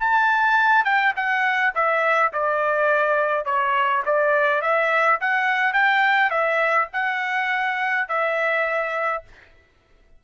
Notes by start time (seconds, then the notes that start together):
0.00 A5
0.85 G5
1.16 F#5
1.75 E5
2.33 D5
3.45 C#5
4.06 D5
4.62 E5
5.20 F#5
5.74 G5
6.30 E5
6.93 F#5
8.08 E5